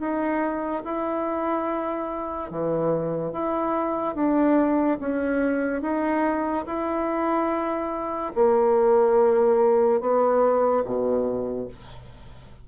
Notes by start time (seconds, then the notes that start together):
0.00 D#4
0.84 E4
2.51 E3
3.32 E4
4.15 D4
5.00 C#4
5.82 D#4
6.66 E4
8.35 A#3
10.01 B3
10.85 B2